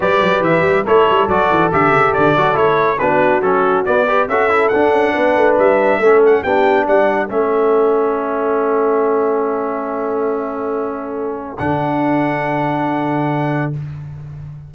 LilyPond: <<
  \new Staff \with { instrumentName = "trumpet" } { \time 4/4 \tempo 4 = 140 d''4 e''4 cis''4 d''4 | e''4 d''4 cis''4 b'4 | a'4 d''4 e''4 fis''4~ | fis''4 e''4. fis''8 g''4 |
fis''4 e''2.~ | e''1~ | e''2. fis''4~ | fis''1 | }
  \new Staff \with { instrumentName = "horn" } { \time 4/4 b'2 a'2~ | a'2. fis'4~ | fis'4. b'8 a'2 | b'2 a'4 g'4 |
d''4 a'2.~ | a'1~ | a'1~ | a'1 | }
  \new Staff \with { instrumentName = "trombone" } { \time 4/4 g'2 e'4 fis'4 | g'4. fis'8 e'4 d'4 | cis'4 b8 g'8 fis'8 e'8 d'4~ | d'2 cis'4 d'4~ |
d'4 cis'2.~ | cis'1~ | cis'2. d'4~ | d'1 | }
  \new Staff \with { instrumentName = "tuba" } { \time 4/4 g8 fis8 e8 g8 a8 g8 fis8 e8 | d8 cis8 d8 fis8 a4 b4 | fis4 b4 cis'4 d'8 cis'8 | b8 a8 g4 a4 b4 |
g4 a2.~ | a1~ | a2. d4~ | d1 | }
>>